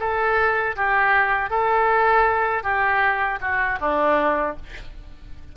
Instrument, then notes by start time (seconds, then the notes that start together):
oboe
0.00 A4
0.76 G4
1.50 A4
2.63 G4
3.41 F#4
3.80 D4